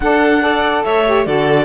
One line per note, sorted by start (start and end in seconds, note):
0.00 0.83 D4
0.00 0.41 D4
0.00 0.42 A4
0.00 0.83 F#5
0.41 1.04 A4
0.41 0.84 D5
0.84 1.26 A3
0.84 1.26 C#5
0.84 1.25 E5
1.06 1.25 G4
1.25 1.65 D3
1.25 1.65 F#4
1.25 1.65 A4
1.25 1.65 D5